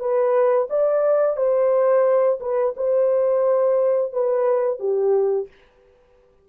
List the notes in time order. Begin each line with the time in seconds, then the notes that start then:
0.00 B4
0.70 D5
1.37 C5
2.41 B4
2.77 C5
4.13 B4
4.80 G4